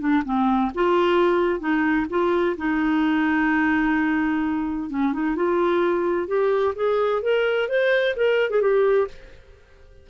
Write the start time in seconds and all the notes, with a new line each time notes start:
0.00 D4
0.25 C4
0.75 F4
1.60 D#4
2.10 F4
2.58 D#4
4.90 C#4
5.13 D#4
5.36 F4
6.28 G4
6.76 G#4
7.23 A#4
7.69 C5
8.16 A#4
8.50 G#4
8.62 G4